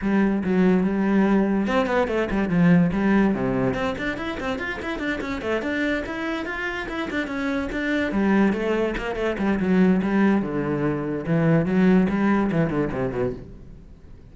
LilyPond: \new Staff \with { instrumentName = "cello" } { \time 4/4 \tempo 4 = 144 g4 fis4 g2 | c'8 b8 a8 g8 f4 g4 | c4 c'8 d'8 e'8 c'8 f'8 e'8 | d'8 cis'8 a8 d'4 e'4 f'8~ |
f'8 e'8 d'8 cis'4 d'4 g8~ | g8 a4 ais8 a8 g8 fis4 | g4 d2 e4 | fis4 g4 e8 d8 c8 b,8 | }